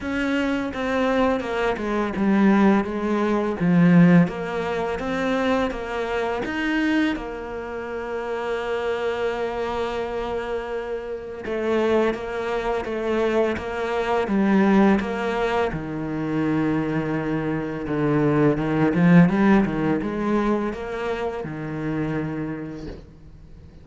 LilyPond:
\new Staff \with { instrumentName = "cello" } { \time 4/4 \tempo 4 = 84 cis'4 c'4 ais8 gis8 g4 | gis4 f4 ais4 c'4 | ais4 dis'4 ais2~ | ais1 |
a4 ais4 a4 ais4 | g4 ais4 dis2~ | dis4 d4 dis8 f8 g8 dis8 | gis4 ais4 dis2 | }